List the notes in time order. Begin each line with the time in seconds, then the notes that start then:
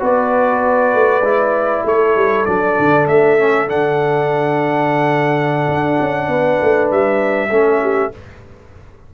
0.00 B3 F#4 B4 D5
0.94 A3
1.22 G#3 E4
1.85 A3 A4 C#5
2.16 G3
2.46 F#3 D4 D5
2.79 D3
3.08 A3 E5
3.39 C#4
3.67 D3 D4 F#5
5.68 D4
6.01 C#4
6.28 B3 B4
6.62 A3
6.91 G3 E5
7.50 A3 C#4 A4
7.83 G4